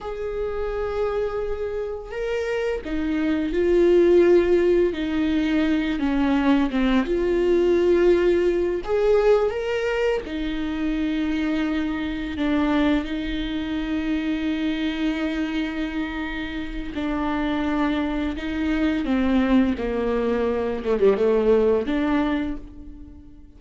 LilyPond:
\new Staff \with { instrumentName = "viola" } { \time 4/4 \tempo 4 = 85 gis'2. ais'4 | dis'4 f'2 dis'4~ | dis'8 cis'4 c'8 f'2~ | f'8 gis'4 ais'4 dis'4.~ |
dis'4. d'4 dis'4.~ | dis'1 | d'2 dis'4 c'4 | ais4. a16 g16 a4 d'4 | }